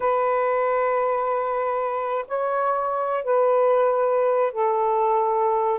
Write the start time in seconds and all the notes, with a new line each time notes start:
0.00 B4
2.27 C#5
3.23 B4
4.52 A4